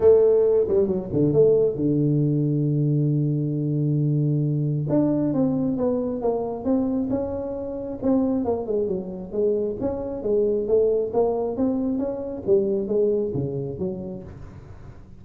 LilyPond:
\new Staff \with { instrumentName = "tuba" } { \time 4/4 \tempo 4 = 135 a4. g8 fis8 d8 a4 | d1~ | d2. d'4 | c'4 b4 ais4 c'4 |
cis'2 c'4 ais8 gis8 | fis4 gis4 cis'4 gis4 | a4 ais4 c'4 cis'4 | g4 gis4 cis4 fis4 | }